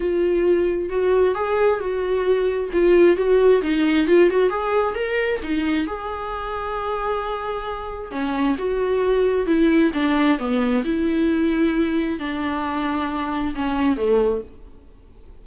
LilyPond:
\new Staff \with { instrumentName = "viola" } { \time 4/4 \tempo 4 = 133 f'2 fis'4 gis'4 | fis'2 f'4 fis'4 | dis'4 f'8 fis'8 gis'4 ais'4 | dis'4 gis'2.~ |
gis'2 cis'4 fis'4~ | fis'4 e'4 d'4 b4 | e'2. d'4~ | d'2 cis'4 a4 | }